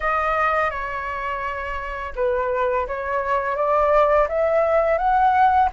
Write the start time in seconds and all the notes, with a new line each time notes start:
0.00 D#5
0.70 C#5
2.15 B4
2.87 C#5
3.56 D5
4.28 E5
4.97 F#5